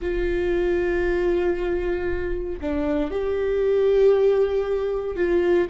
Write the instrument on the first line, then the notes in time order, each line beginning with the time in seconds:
viola
0.01 F4
2.61 D4
3.10 G4
5.16 F4